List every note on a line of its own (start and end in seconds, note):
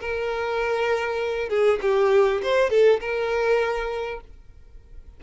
0.00 1.49 A#4
1.49 1.79 G#4
1.81 2.41 G4
2.42 2.70 C5
2.70 3.00 A4
3.00 4.20 A#4